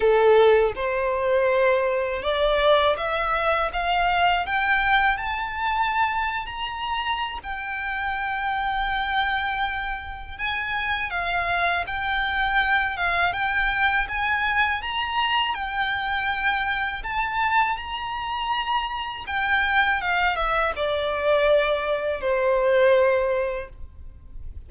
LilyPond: \new Staff \with { instrumentName = "violin" } { \time 4/4 \tempo 4 = 81 a'4 c''2 d''4 | e''4 f''4 g''4 a''4~ | a''8. ais''4~ ais''16 g''2~ | g''2 gis''4 f''4 |
g''4. f''8 g''4 gis''4 | ais''4 g''2 a''4 | ais''2 g''4 f''8 e''8 | d''2 c''2 | }